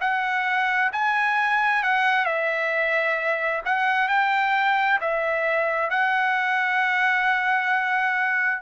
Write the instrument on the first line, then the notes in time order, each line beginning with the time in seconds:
trumpet
0.00 F#5
0.92 G#5
1.83 F#5
2.25 E5
3.65 F#5
4.08 G5
5.00 E5
5.90 F#5